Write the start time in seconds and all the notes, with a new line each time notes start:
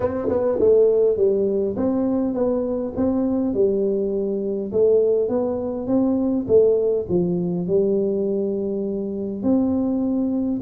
0.00 C4
0.29 B3
0.59 A3
1.16 G3
1.76 C4
2.34 B3
2.96 C4
3.54 G3
4.72 A3
5.28 B3
5.87 C4
6.47 A3
7.09 F3
7.67 G3
9.42 C4